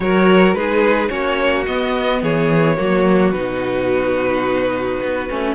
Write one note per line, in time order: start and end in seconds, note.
0.00 0.53 F#3
0.00 0.55 F#4
0.00 0.56 A#4
0.00 0.53 C#5
0.53 1.09 G#3
0.53 1.08 D#4
0.53 1.09 G#4
0.53 1.09 B4
1.08 1.66 A#3
1.08 1.64 C#4
1.08 2.20 F#4
1.08 1.64 C#5
1.66 2.22 B3
1.66 2.76 B3
1.66 2.22 D#5
2.22 2.78 E3
2.22 2.77 G#4
2.22 3.31 C#5
2.76 3.32 F#3
2.76 3.32 A#3
2.76 5.54 F#4
3.31 4.99 B2
3.31 5.28 D#4
3.31 5.53 B4
5.01 5.29 B3
5.29 5.55 A3
5.29 5.55 C#4